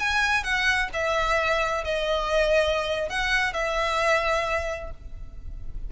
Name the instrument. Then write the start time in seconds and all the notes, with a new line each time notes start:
violin
0.00 G#5
0.44 F#5
0.93 E5
1.84 D#5
3.10 F#5
3.54 E5